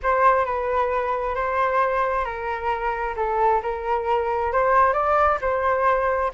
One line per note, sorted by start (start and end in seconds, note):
0.02 0.45 C5
0.45 1.35 B4
1.35 2.24 C5
2.24 3.15 A#4
3.16 3.61 A4
3.62 4.52 A#4
4.52 4.93 C5
4.93 5.38 D5
5.41 6.31 C5